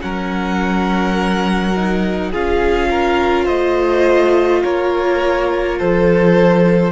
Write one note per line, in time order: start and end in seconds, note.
0.00 2.33 F#3
0.00 1.73 C#4
0.00 2.31 A#4
0.00 2.31 F#5
1.75 2.32 D#4
2.31 3.48 C#4
2.31 6.92 F4
2.31 2.88 G#4
2.31 3.46 F5
2.89 3.44 A#4
3.44 4.63 A3
3.44 4.60 C5
3.44 4.62 D#5
4.63 5.80 A#3
4.63 5.78 A#4
4.63 5.78 C#5
5.78 6.92 F3
5.78 6.92 A4
5.78 6.92 C5